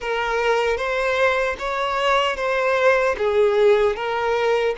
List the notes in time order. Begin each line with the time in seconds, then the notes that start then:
0.00 A#4
0.77 C5
1.58 C#5
2.36 C5
3.18 G#4
3.96 A#4